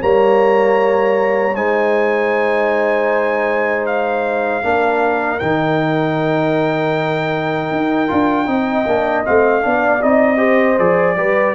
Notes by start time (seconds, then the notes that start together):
0.00 G3 A#3 C#5 A#5
1.56 G#3 D#4 C5 G#5
3.87 F5
4.63 A#3 D4 A#4
5.39 D#3 D#4 G5
7.71 D#4
8.08 D4 F4
8.46 C4 D#4 D#5
8.87 A#3 D4
9.25 A3 C4 F5
9.62 B3 D4 D5
10.02 C4 D#4 D#5
10.37 G4 C5
10.79 F3 G#4 D5
11.17 G3 G4 B4